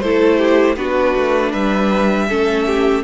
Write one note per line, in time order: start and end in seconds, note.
0.00 0.76 A3
0.00 0.77 E4
0.00 0.39 A4
0.00 0.76 C5
0.39 0.77 G4
0.76 1.14 B3
0.76 2.29 D4
0.76 1.51 F#4
0.76 1.52 B4
1.16 1.54 A3
1.51 2.30 G3
1.51 2.27 B4
1.51 3.04 E5
2.30 3.04 A3
2.30 3.04 C#4
2.30 2.67 A4
2.67 3.04 G4